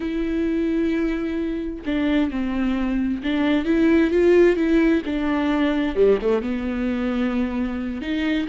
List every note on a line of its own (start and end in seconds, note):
0.00 1.83 E4
1.85 2.30 D4
2.30 3.22 C4
3.23 3.65 D4
3.65 4.10 E4
4.10 4.56 F4
4.56 5.02 E4
5.05 5.95 D4
5.95 6.18 G3
6.21 6.41 A3
6.41 8.01 B3
8.01 8.47 D#4